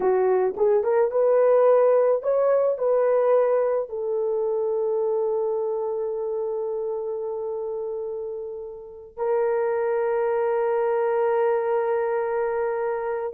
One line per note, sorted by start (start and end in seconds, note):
0.00 0.54 F#4
0.56 0.83 G#4
0.83 1.11 A#4
1.11 2.22 B4
2.22 2.78 C#5
2.78 3.89 B4
3.89 9.17 A4
9.17 13.33 A#4